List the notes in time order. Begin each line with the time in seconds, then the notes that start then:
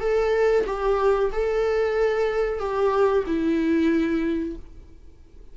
0.00 A4
0.66 G4
1.32 A4
2.59 G4
3.26 E4